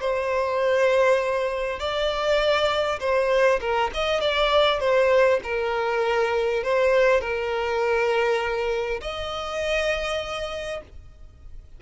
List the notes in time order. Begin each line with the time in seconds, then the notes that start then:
0.00 C5
1.79 D5
2.99 C5
3.60 A#4
3.93 D#5
4.20 D5
4.79 C5
5.43 A#4
6.63 C5
7.20 A#4
9.01 D#5